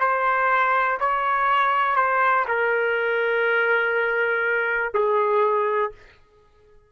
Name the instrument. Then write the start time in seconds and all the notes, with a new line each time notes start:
trumpet
0.00 C5
1.00 C#5
1.96 C5
2.48 A#4
4.94 G#4